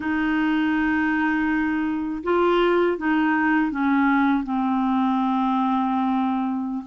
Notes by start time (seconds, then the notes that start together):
0.00 D#4
2.23 F4
2.97 D#4
3.71 C#4
4.43 C4